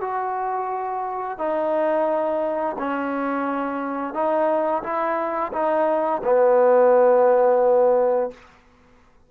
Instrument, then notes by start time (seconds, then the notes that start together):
trombone
0.00 F#4
1.38 D#4
2.78 C#4
4.13 D#4
4.82 E4
5.52 D#4
6.23 B3